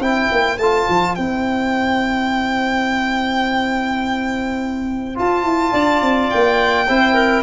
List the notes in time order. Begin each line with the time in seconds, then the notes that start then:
0.00 C4 E4 C5 G5
0.32 A#3
0.58 A3 F4 A5
0.89 F3
1.16 C4 E4 G5
5.15 F4 A5
5.43 E4
5.72 D4 D5
6.02 C4
6.30 A#3 G5
6.88 C4 E4 C5
7.14 A#4